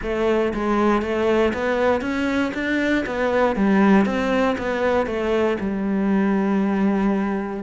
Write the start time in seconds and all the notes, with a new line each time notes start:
0.02 A3
0.54 G#3
1.01 A3
1.53 B3
2.01 C#4
2.54 D4
3.06 B3
3.55 G3
4.05 C4
4.58 B3
5.06 A3
5.60 G3